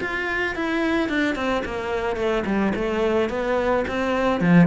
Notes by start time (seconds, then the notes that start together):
0.00 F4
0.55 E4
1.09 D4
1.35 C4
1.65 A#3
2.16 A3
2.45 G3
2.75 A3
3.29 B3
3.88 C4
4.40 F3